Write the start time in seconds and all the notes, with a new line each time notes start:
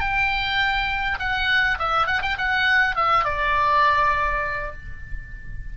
0.00 G5
1.19 F#5
1.79 E5
2.07 F#5
2.22 G5
2.38 F#5
2.96 E5
3.24 D5